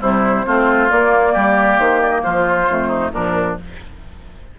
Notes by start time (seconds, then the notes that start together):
0.00 C3 G3 E4 C5
0.46 A3 C4 F4
0.90 A#3 D5
1.33 G3 G4
1.79 D#3 C5
2.02 D5
2.10 D#5
2.23 F3 F4 C5
2.69 F2 A3
2.88 D#4
3.12 A#2 F3 D4 A#4